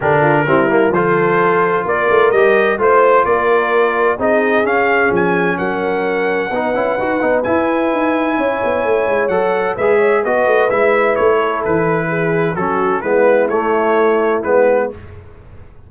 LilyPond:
<<
  \new Staff \with { instrumentName = "trumpet" } { \time 4/4 \tempo 4 = 129 ais'2 c''2 | d''4 dis''4 c''4 d''4~ | d''4 dis''4 f''4 gis''4 | fis''1 |
gis''1 | fis''4 e''4 dis''4 e''4 | cis''4 b'2 a'4 | b'4 cis''2 b'4 | }
  \new Staff \with { instrumentName = "horn" } { \time 4/4 g'8 f'8 e'4 a'2 | ais'2 c''4 ais'4~ | ais'4 gis'2. | ais'2 b'2~ |
b'2 cis''2~ | cis''4 b'8 cis''8 b'2~ | b'8 a'4. gis'4 fis'4 | e'1 | }
  \new Staff \with { instrumentName = "trombone" } { \time 4/4 d'4 c'8 ais8 f'2~ | f'4 g'4 f'2~ | f'4 dis'4 cis'2~ | cis'2 dis'8 e'8 fis'8 dis'8 |
e'1 | a'4 gis'4 fis'4 e'4~ | e'2. cis'4 | b4 a2 b4 | }
  \new Staff \with { instrumentName = "tuba" } { \time 4/4 d4 g4 f2 | ais8 a8 g4 a4 ais4~ | ais4 c'4 cis'4 f4 | fis2 b8 cis'8 dis'8 b8 |
e'4 dis'4 cis'8 b8 a8 gis8 | fis4 gis4 b8 a8 gis4 | a4 e2 fis4 | gis4 a2 gis4 | }
>>